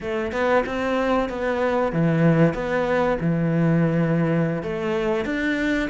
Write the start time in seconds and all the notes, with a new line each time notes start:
0.01 A3
0.32 B3
0.66 C4
1.29 B3
1.92 E3
2.54 B3
3.20 E3
4.62 A3
5.25 D4